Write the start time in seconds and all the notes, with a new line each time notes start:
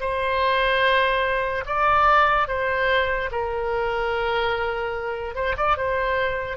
0.00 C5
1.66 D5
2.48 C5
3.31 A#4
5.35 C5
5.57 D5
5.77 C5